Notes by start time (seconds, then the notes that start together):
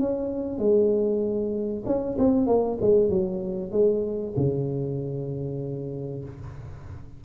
0.00 C#4
0.59 G#3
1.86 C#4
2.19 C4
2.47 A#3
2.81 G#3
3.10 F#3
3.72 G#3
4.37 C#3